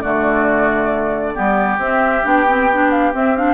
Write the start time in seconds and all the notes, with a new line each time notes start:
0.00 D3 A3 F#4 D5
1.34 G3 B3 G4
1.78 C4 E5
2.23 B3 D4 G5
2.48 C4
2.73 D4
2.91 F5
3.13 C4 E5
3.36 D4 F5